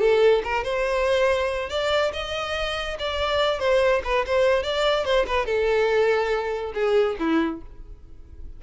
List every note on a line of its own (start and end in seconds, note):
0.00 0.42 A4
0.44 0.64 A#4
0.64 1.69 C5
1.70 2.12 D5
2.13 2.98 D#5
2.99 3.60 D5
3.60 4.02 C5
4.04 4.25 B4
4.27 4.63 C5
4.63 5.05 D5
5.05 5.26 C5
5.27 5.46 B4
5.46 6.73 A4
6.74 7.17 G#4
7.19 7.62 E4